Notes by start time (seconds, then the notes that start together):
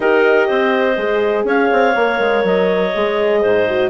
0.00 D#4 G4 A#4 D#5
0.47 C4 C5
0.96 G#3 G#4
1.44 C#4 C#5 F5
1.72 C4
1.94 A#3 A#4
2.19 G#3
2.43 F#3 D#5
2.94 G#3 G#4
3.41 G#2 C5
3.67 F#4